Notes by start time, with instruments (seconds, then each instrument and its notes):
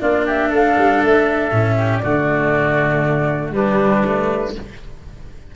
0.00 tuba A#3, cello D4, oboe F4, flute D5
0.26 oboe G4, flute E5
0.49 tuba A3, oboe A4, flute F5
0.78 tuba G3
1.03 tuba A3, flute E5
1.51 tuba A2, cello C#4
1.77 oboe G4
1.98 cello A3, oboe F#4, flute D5
2.05 tuba D3
3.51 tuba G3, cello G3, oboe D4, flute B4
4.05 cello A3